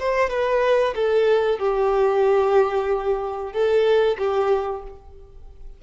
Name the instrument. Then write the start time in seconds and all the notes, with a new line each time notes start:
violin
0.00 C5
0.30 B4
0.96 A4
1.60 G4
3.53 A4
4.19 G4